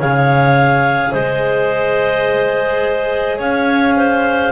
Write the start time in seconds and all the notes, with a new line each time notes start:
0.00 C#3 G#4 C#5 F5
1.12 G#3 C5 D#5
3.38 C#4 C#5 F5
3.97 C5